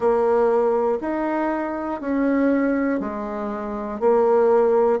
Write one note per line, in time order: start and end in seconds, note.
0.00 0.98 A#3
1.00 2.00 D#4
2.00 3.00 C#4
3.00 4.00 G#3
4.00 5.00 A#3